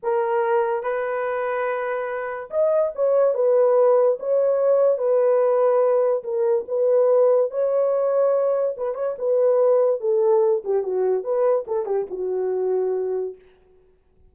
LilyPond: \new Staff \with { instrumentName = "horn" } { \time 4/4 \tempo 4 = 144 ais'2 b'2~ | b'2 dis''4 cis''4 | b'2 cis''2 | b'2. ais'4 |
b'2 cis''2~ | cis''4 b'8 cis''8 b'2 | a'4. g'8 fis'4 b'4 | a'8 g'8 fis'2. | }